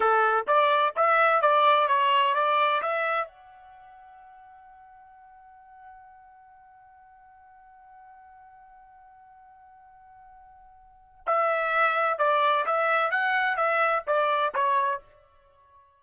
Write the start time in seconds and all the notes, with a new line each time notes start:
0.00 A4
0.47 D5
0.96 E5
1.41 D5
1.88 C#5
2.34 D5
2.81 E5
3.27 F#5
11.26 E5
12.18 D5
12.66 E5
13.11 F#5
13.56 E5
14.06 D5
14.54 C#5